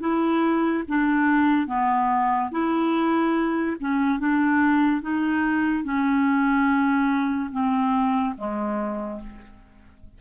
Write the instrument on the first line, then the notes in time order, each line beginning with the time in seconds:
clarinet
0.00 E4
0.88 D4
1.67 B3
2.51 E4
3.80 C#4
4.19 D4
5.02 D#4
5.84 C#4
7.52 C4
8.37 G#3